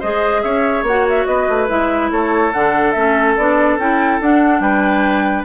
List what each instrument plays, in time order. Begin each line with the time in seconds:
0.00 bassoon G#3, clarinet G#4, oboe C5, flute D#5
0.42 bassoon C#4, oboe C#5, flute E5
0.83 bassoon A#3, clarinet F#4, flute F#5
1.10 flute E5
1.26 bassoon B3, oboe B4, flute D#5
1.49 bassoon A3
1.69 bassoon G#3, clarinet E4, flute E5
2.11 bassoon A3, oboe A4, flute C#5
2.53 bassoon D3, clarinet D4, flute F#5
2.92 bassoon A3, clarinet C#4, flute E5
3.37 bassoon B3, clarinet D4, flute D5
3.78 bassoon C#4, clarinet E4, flute G5
4.21 bassoon D4, clarinet D4, flute F#5
4.60 bassoon G3, oboe B4, flute G5